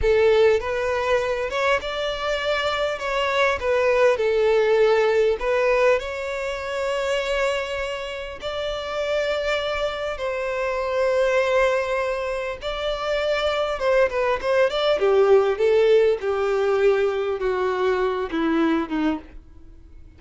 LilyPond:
\new Staff \with { instrumentName = "violin" } { \time 4/4 \tempo 4 = 100 a'4 b'4. cis''8 d''4~ | d''4 cis''4 b'4 a'4~ | a'4 b'4 cis''2~ | cis''2 d''2~ |
d''4 c''2.~ | c''4 d''2 c''8 b'8 | c''8 d''8 g'4 a'4 g'4~ | g'4 fis'4. e'4 dis'8 | }